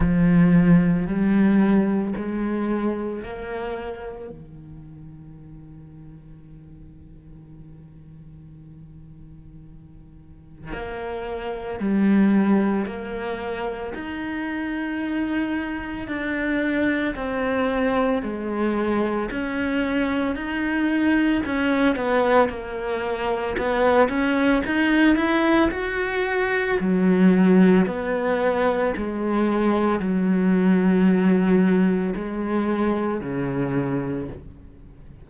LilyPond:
\new Staff \with { instrumentName = "cello" } { \time 4/4 \tempo 4 = 56 f4 g4 gis4 ais4 | dis1~ | dis2 ais4 g4 | ais4 dis'2 d'4 |
c'4 gis4 cis'4 dis'4 | cis'8 b8 ais4 b8 cis'8 dis'8 e'8 | fis'4 fis4 b4 gis4 | fis2 gis4 cis4 | }